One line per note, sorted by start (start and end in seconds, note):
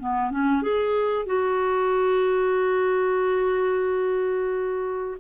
0.00 0.31 B3
0.31 0.63 C#4
0.63 1.27 G#4
1.27 5.18 F#4